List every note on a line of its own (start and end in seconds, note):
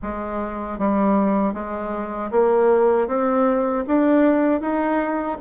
0.02 0.78 G#3
0.78 1.53 G3
1.53 2.30 G#3
2.31 3.07 A#3
3.07 3.84 C4
3.87 4.60 D4
4.60 5.37 D#4